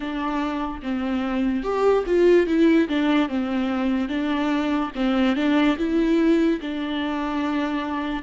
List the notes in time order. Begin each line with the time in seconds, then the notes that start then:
0.00 D4
0.82 C4
1.63 G4
2.06 F4
2.47 E4
2.88 D4
3.28 C4
4.09 D4
4.95 C4
5.35 D4
5.77 E4
6.60 D4